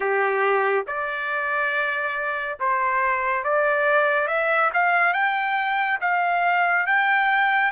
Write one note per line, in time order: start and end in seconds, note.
0.00 0.85 G4
0.87 2.58 D5
2.59 3.44 C5
3.44 4.27 D5
4.27 4.70 E5
4.73 5.13 F5
5.13 5.98 G5
6.00 6.86 F5
6.86 7.71 G5